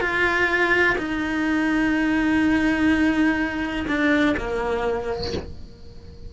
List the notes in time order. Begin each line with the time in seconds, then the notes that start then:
0.00 F4
0.98 D#4
3.87 D4
4.37 A#3